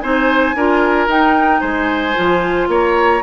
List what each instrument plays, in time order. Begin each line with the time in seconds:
0.00 bassoon C4, clarinet D#4, oboe C5, flute G#5
0.55 bassoon D4, clarinet F4, oboe A#4
1.08 bassoon D#4, clarinet D#4, flute G5
1.61 bassoon G#3, oboe C5, flute G#5
2.15 bassoon F3, clarinet F4
2.68 bassoon A#3, oboe C#5, flute A#5